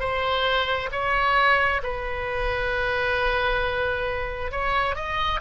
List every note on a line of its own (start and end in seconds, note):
0.00 0.90 C5
0.92 1.82 C#5
1.83 4.51 B4
4.51 4.95 C#5
4.95 5.40 D#5